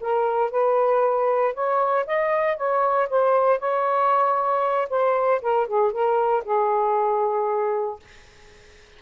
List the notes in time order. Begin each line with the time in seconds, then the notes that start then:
0.00 A#4
0.50 B4
1.54 C#5
2.06 D#5
2.56 C#5
3.09 C5
3.59 C#5
4.89 C5
5.41 A#4
5.67 G#4
5.92 A#4
6.44 G#4